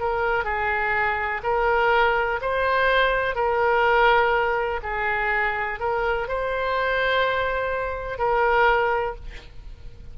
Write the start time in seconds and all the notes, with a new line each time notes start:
0.00 A#4
0.45 G#4
1.44 A#4
2.42 C5
3.36 A#4
4.83 G#4
5.80 A#4
6.29 C5
8.19 A#4